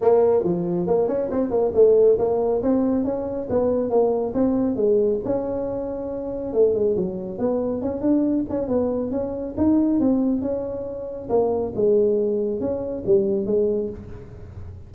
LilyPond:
\new Staff \with { instrumentName = "tuba" } { \time 4/4 \tempo 4 = 138 ais4 f4 ais8 cis'8 c'8 ais8 | a4 ais4 c'4 cis'4 | b4 ais4 c'4 gis4 | cis'2. a8 gis8 |
fis4 b4 cis'8 d'4 cis'8 | b4 cis'4 dis'4 c'4 | cis'2 ais4 gis4~ | gis4 cis'4 g4 gis4 | }